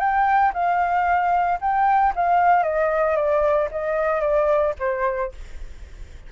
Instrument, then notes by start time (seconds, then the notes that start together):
flute
0.00 G5
0.54 F5
1.61 G5
2.16 F5
2.64 D#5
3.16 D5
3.72 D#5
4.21 D5
4.80 C5